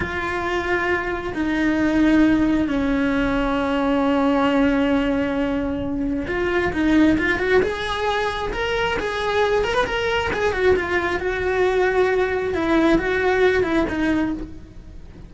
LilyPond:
\new Staff \with { instrumentName = "cello" } { \time 4/4 \tempo 4 = 134 f'2. dis'4~ | dis'2 cis'2~ | cis'1~ | cis'2 f'4 dis'4 |
f'8 fis'8 gis'2 ais'4 | gis'4. ais'16 b'16 ais'4 gis'8 fis'8 | f'4 fis'2. | e'4 fis'4. e'8 dis'4 | }